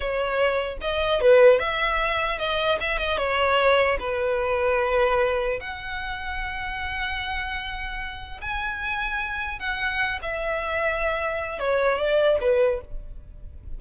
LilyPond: \new Staff \with { instrumentName = "violin" } { \time 4/4 \tempo 4 = 150 cis''2 dis''4 b'4 | e''2 dis''4 e''8 dis''8 | cis''2 b'2~ | b'2 fis''2~ |
fis''1~ | fis''4 gis''2. | fis''4. e''2~ e''8~ | e''4 cis''4 d''4 b'4 | }